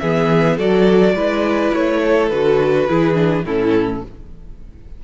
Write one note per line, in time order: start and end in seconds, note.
0.00 0.59 E3
0.00 0.59 B3
0.00 0.57 G#4
0.00 0.58 E5
0.57 1.15 F#3
0.57 1.17 F#4
0.57 1.15 A4
0.57 1.75 D5
1.15 1.72 G#3
1.15 2.32 E4
1.15 2.02 B4
1.74 2.31 A3
1.74 2.30 C#5
2.05 2.90 A4
2.30 2.89 D3
2.30 2.89 F#4
2.30 3.45 B4
2.89 3.45 E3
2.89 3.15 E4
2.89 3.46 G#4
3.15 3.43 D4
3.45 4.03 A2
3.45 4.05 C#4
3.45 4.04 E4
3.45 4.05 A4